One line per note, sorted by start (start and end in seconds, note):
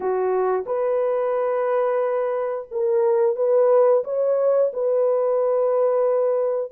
0.00 0.64 F#4
0.66 2.68 B4
2.71 3.36 A#4
3.36 4.03 B4
4.04 4.71 C#5
4.73 6.71 B4